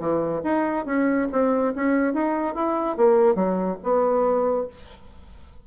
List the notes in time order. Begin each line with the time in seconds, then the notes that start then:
0.00 E3
0.44 D#4
0.86 C#4
1.32 C4
1.76 C#4
2.14 D#4
2.55 E4
2.97 A#3
3.35 F#3
3.84 B3